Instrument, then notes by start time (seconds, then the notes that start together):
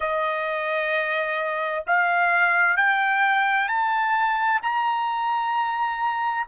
trumpet
0.00 D#5
1.87 F5
2.77 G5
3.68 A5
4.62 A#5